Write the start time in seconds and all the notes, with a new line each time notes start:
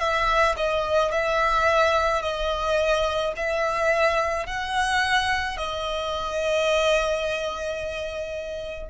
0.00 E5
0.57 D#5
1.12 E5
2.22 D#5
3.36 E5
4.46 F#5
5.57 D#5